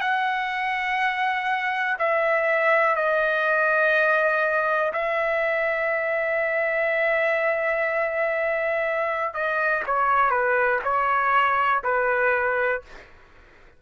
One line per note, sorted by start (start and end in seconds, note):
0.00 1.97 F#5
1.99 2.96 E5
2.96 4.92 D#5
4.92 9.34 E5
9.34 9.83 D#5
9.86 10.30 C#5
10.30 10.79 B4
10.84 11.82 C#5
11.83 12.82 B4